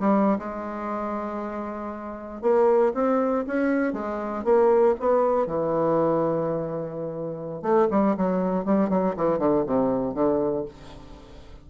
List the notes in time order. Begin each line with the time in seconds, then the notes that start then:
0.00 G3
0.39 G#3
2.42 A#3
2.94 C4
3.47 C#4
3.93 G#3
4.44 A#3
5.00 B3
5.47 E3
7.62 A3
7.91 G3
8.17 F#3
8.65 G3
8.90 F#3
9.17 E3
9.39 D3
9.67 C3
10.14 D3